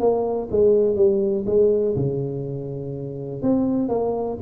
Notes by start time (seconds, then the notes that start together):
0.00 A#3
0.51 G#3
0.96 G3
1.47 G#3
1.96 C#3
3.42 C4
3.89 A#3